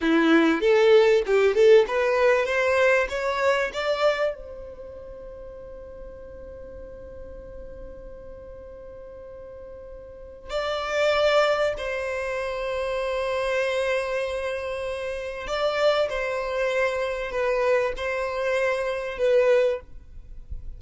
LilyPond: \new Staff \with { instrumentName = "violin" } { \time 4/4 \tempo 4 = 97 e'4 a'4 g'8 a'8 b'4 | c''4 cis''4 d''4 c''4~ | c''1~ | c''1~ |
c''4 d''2 c''4~ | c''1~ | c''4 d''4 c''2 | b'4 c''2 b'4 | }